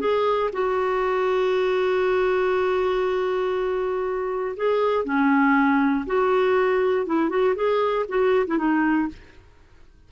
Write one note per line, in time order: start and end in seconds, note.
0.00 0.50 G#4
0.53 4.56 F#4
4.57 5.04 G#4
5.04 6.05 C#4
6.06 7.06 F#4
7.06 7.29 E4
7.29 7.55 F#4
7.56 8.06 G#4
8.09 8.46 F#4
8.47 8.58 E4
8.58 9.08 D#4